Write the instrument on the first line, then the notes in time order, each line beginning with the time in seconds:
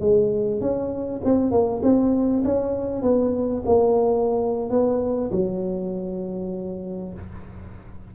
tuba
0.00 G#3
0.61 C#4
1.24 C4
1.51 A#3
1.82 C4
2.44 C#4
3.02 B3
3.65 A#3
4.70 B3
5.31 F#3